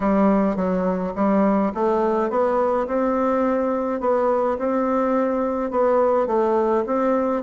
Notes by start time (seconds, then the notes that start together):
0.00 G3
0.56 F#3
1.15 G3
1.74 A3
2.29 B3
2.87 C4
4.00 B3
4.58 C4
5.70 B3
6.26 A3
6.86 C4